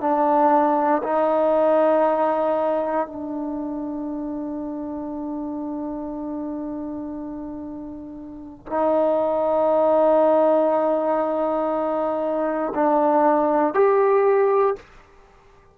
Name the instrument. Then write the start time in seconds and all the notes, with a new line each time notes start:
trombone
0.00 D4
1.03 D#4
3.06 D4
8.66 D#4
12.75 D4
13.74 G4